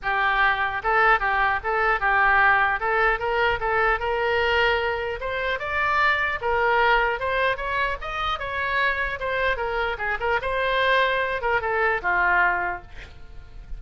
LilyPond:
\new Staff \with { instrumentName = "oboe" } { \time 4/4 \tempo 4 = 150 g'2 a'4 g'4 | a'4 g'2 a'4 | ais'4 a'4 ais'2~ | ais'4 c''4 d''2 |
ais'2 c''4 cis''4 | dis''4 cis''2 c''4 | ais'4 gis'8 ais'8 c''2~ | c''8 ais'8 a'4 f'2 | }